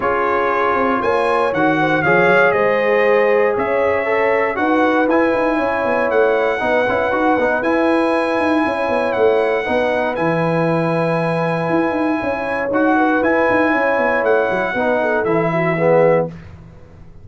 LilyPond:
<<
  \new Staff \with { instrumentName = "trumpet" } { \time 4/4 \tempo 4 = 118 cis''2 gis''4 fis''4 | f''4 dis''2 e''4~ | e''4 fis''4 gis''2 | fis''2. gis''4~ |
gis''2 fis''2 | gis''1~ | gis''4 fis''4 gis''2 | fis''2 e''2 | }
  \new Staff \with { instrumentName = "horn" } { \time 4/4 gis'2 cis''4. c''8 | cis''4 c''2 cis''4~ | cis''4 b'2 cis''4~ | cis''4 b'2.~ |
b'4 cis''2 b'4~ | b'1 | cis''4. b'4. cis''4~ | cis''4 b'8 a'4 fis'8 gis'4 | }
  \new Staff \with { instrumentName = "trombone" } { \time 4/4 f'2. fis'4 | gis'1 | a'4 fis'4 e'2~ | e'4 dis'8 e'8 fis'8 dis'8 e'4~ |
e'2. dis'4 | e'1~ | e'4 fis'4 e'2~ | e'4 dis'4 e'4 b4 | }
  \new Staff \with { instrumentName = "tuba" } { \time 4/4 cis'4. c'8 ais4 dis4 | f8 fis8 gis2 cis'4~ | cis'4 dis'4 e'8 dis'8 cis'8 b8 | a4 b8 cis'8 dis'8 b8 e'4~ |
e'8 dis'8 cis'8 b8 a4 b4 | e2. e'8 dis'8 | cis'4 dis'4 e'8 dis'8 cis'8 b8 | a8 fis8 b4 e2 | }
>>